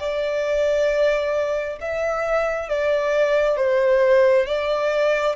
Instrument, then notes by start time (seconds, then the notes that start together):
violin
0.00 D5
1.81 E5
2.69 D5
3.57 C5
4.47 D5